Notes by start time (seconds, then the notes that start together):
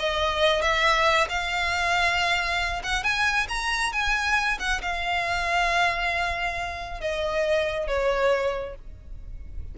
0.00 D#5
0.62 E5
1.29 F5
2.84 F#5
3.04 G#5
3.49 A#5
3.93 G#5
4.60 F#5
4.82 F5
7.01 D#5
7.88 C#5